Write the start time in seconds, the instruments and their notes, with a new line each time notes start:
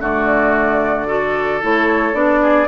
0.00 bassoon D3, clarinet A3, oboe F#4, flute D5
1.07 clarinet F#4, oboe A4
1.62 bassoon A3, clarinet E4, flute C#5
2.13 bassoon B3, clarinet D4, flute D5
2.42 oboe G#4